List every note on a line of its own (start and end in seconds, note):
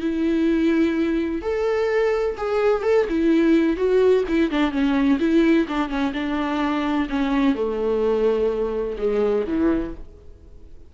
0.00 1.41 E4
1.41 2.36 A4
2.37 2.82 G#4
2.82 3.06 A4
3.08 3.76 E4
3.76 4.23 F#4
4.28 4.50 E4
4.50 4.71 D4
4.71 5.18 C#4
5.19 5.66 E4
5.68 5.89 D4
5.89 6.12 C#4
6.13 7.08 D4
7.09 7.55 C#4
7.55 8.96 A3
8.97 9.45 G#3
9.47 9.94 E3